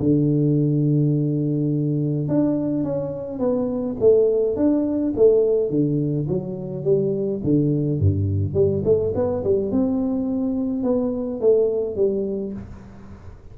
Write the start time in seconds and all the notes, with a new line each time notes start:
0.00 D3
2.29 D4
2.84 C#4
3.39 B3
4.00 A3
4.56 D4
5.16 A3
5.70 D3
6.28 F#3
6.84 G3
7.44 D3
8.00 G2
8.54 G3
8.85 A3
9.15 B3
9.44 G3
9.72 C4
10.84 B3
11.41 A3
11.96 G3